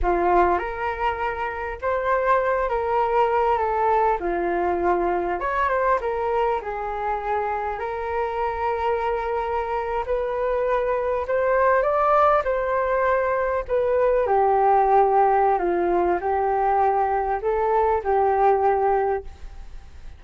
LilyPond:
\new Staff \with { instrumentName = "flute" } { \time 4/4 \tempo 4 = 100 f'4 ais'2 c''4~ | c''8 ais'4. a'4 f'4~ | f'4 cis''8 c''8 ais'4 gis'4~ | gis'4 ais'2.~ |
ais'8. b'2 c''4 d''16~ | d''8. c''2 b'4 g'16~ | g'2 f'4 g'4~ | g'4 a'4 g'2 | }